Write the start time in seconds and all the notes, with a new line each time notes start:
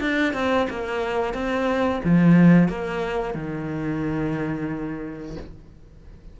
0.00 D4
0.33 C4
0.69 A#3
1.34 C4
2.04 F3
2.68 A#3
3.34 D#3